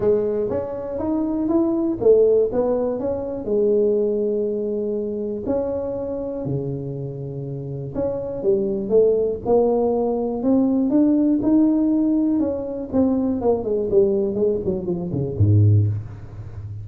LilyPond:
\new Staff \with { instrumentName = "tuba" } { \time 4/4 \tempo 4 = 121 gis4 cis'4 dis'4 e'4 | a4 b4 cis'4 gis4~ | gis2. cis'4~ | cis'4 cis2. |
cis'4 g4 a4 ais4~ | ais4 c'4 d'4 dis'4~ | dis'4 cis'4 c'4 ais8 gis8 | g4 gis8 fis8 f8 cis8 gis,4 | }